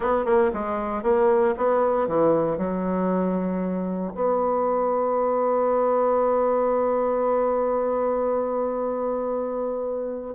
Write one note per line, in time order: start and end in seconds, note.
0.00 0.25 B3
0.25 0.51 A#3
0.53 1.03 G#3
1.03 1.54 A#3
1.57 2.07 B3
2.07 2.57 E3
2.57 4.12 F#3
4.14 10.34 B3